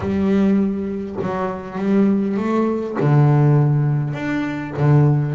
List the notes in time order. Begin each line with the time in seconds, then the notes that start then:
0.00 G3
1.21 F#3
1.77 G3
2.37 A3
2.99 D3
4.13 D4
4.77 D3